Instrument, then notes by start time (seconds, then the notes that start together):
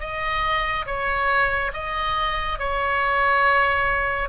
oboe
0.00 D#5
0.86 C#5
1.73 D#5
2.59 C#5